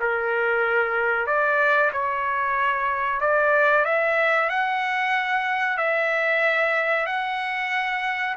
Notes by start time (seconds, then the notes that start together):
0.00 A#4
1.26 D5
1.92 C#5
3.20 D5
3.85 E5
4.49 F#5
5.77 E5
7.06 F#5